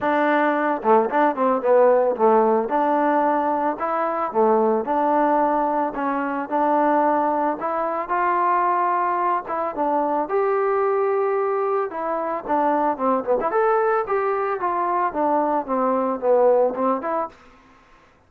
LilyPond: \new Staff \with { instrumentName = "trombone" } { \time 4/4 \tempo 4 = 111 d'4. a8 d'8 c'8 b4 | a4 d'2 e'4 | a4 d'2 cis'4 | d'2 e'4 f'4~ |
f'4. e'8 d'4 g'4~ | g'2 e'4 d'4 | c'8 b16 e'16 a'4 g'4 f'4 | d'4 c'4 b4 c'8 e'8 | }